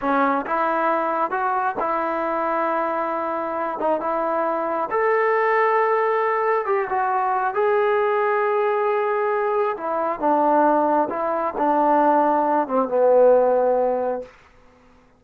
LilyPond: \new Staff \with { instrumentName = "trombone" } { \time 4/4 \tempo 4 = 135 cis'4 e'2 fis'4 | e'1~ | e'8 dis'8 e'2 a'4~ | a'2. g'8 fis'8~ |
fis'4 gis'2.~ | gis'2 e'4 d'4~ | d'4 e'4 d'2~ | d'8 c'8 b2. | }